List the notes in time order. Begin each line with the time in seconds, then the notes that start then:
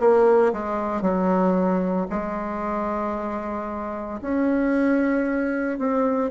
0.00 A#3
0.53 G#3
1.02 F#3
2.11 G#3
4.22 C#4
5.79 C4